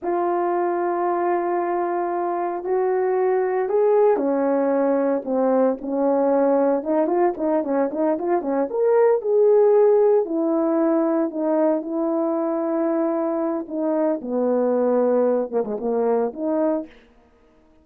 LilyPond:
\new Staff \with { instrumentName = "horn" } { \time 4/4 \tempo 4 = 114 f'1~ | f'4 fis'2 gis'4 | cis'2 c'4 cis'4~ | cis'4 dis'8 f'8 dis'8 cis'8 dis'8 f'8 |
cis'8 ais'4 gis'2 e'8~ | e'4. dis'4 e'4.~ | e'2 dis'4 b4~ | b4. ais16 gis16 ais4 dis'4 | }